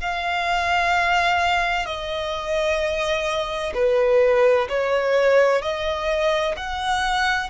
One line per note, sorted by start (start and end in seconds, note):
0.00 1.86 F5
1.86 3.73 D#5
3.74 4.68 B4
4.69 5.62 C#5
5.62 6.55 D#5
6.57 7.50 F#5